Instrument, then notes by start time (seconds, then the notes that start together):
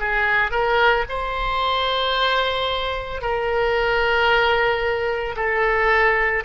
oboe
0.00 G#4
0.51 A#4
1.09 C5
3.21 A#4
5.36 A4